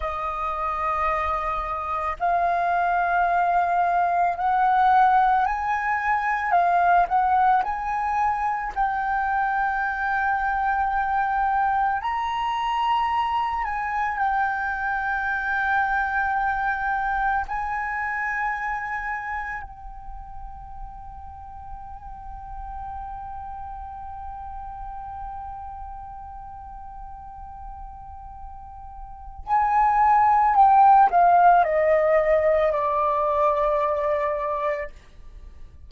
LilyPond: \new Staff \with { instrumentName = "flute" } { \time 4/4 \tempo 4 = 55 dis''2 f''2 | fis''4 gis''4 f''8 fis''8 gis''4 | g''2. ais''4~ | ais''8 gis''8 g''2. |
gis''2 g''2~ | g''1~ | g''2. gis''4 | g''8 f''8 dis''4 d''2 | }